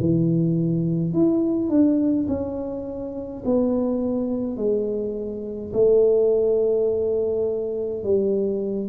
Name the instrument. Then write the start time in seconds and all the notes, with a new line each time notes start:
tuba
0.00 E3
1.13 E4
1.69 D4
2.28 C#4
3.45 B3
4.56 G#3
5.73 A3
8.03 G3